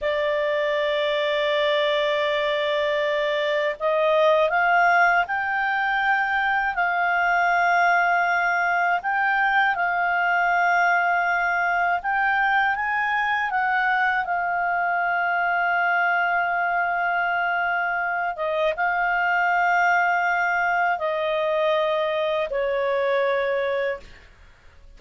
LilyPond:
\new Staff \with { instrumentName = "clarinet" } { \time 4/4 \tempo 4 = 80 d''1~ | d''4 dis''4 f''4 g''4~ | g''4 f''2. | g''4 f''2. |
g''4 gis''4 fis''4 f''4~ | f''1~ | f''8 dis''8 f''2. | dis''2 cis''2 | }